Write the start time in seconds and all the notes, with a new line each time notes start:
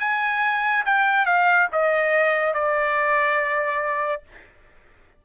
0.00 G#5
0.86 G5
1.26 F5
1.72 D#5
2.54 D5